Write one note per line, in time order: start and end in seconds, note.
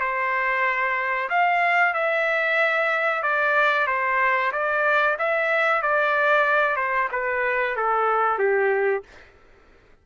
0.00 1.29 C5
1.30 1.94 F5
1.94 3.23 E5
3.23 3.87 D5
3.87 4.52 C5
4.52 5.17 D5
5.18 5.82 E5
5.82 6.76 D5
6.76 7.09 C5
7.12 7.76 B4
7.76 8.38 A4
8.38 9.03 G4